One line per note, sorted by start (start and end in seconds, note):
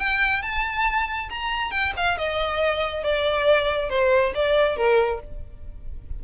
0.00 0.42 G5
0.42 1.29 A5
1.30 1.71 A#5
1.71 1.93 G5
1.97 2.18 F5
2.18 3.04 D#5
3.04 3.90 D5
3.90 4.33 C5
4.35 4.77 D5
4.77 5.20 A#4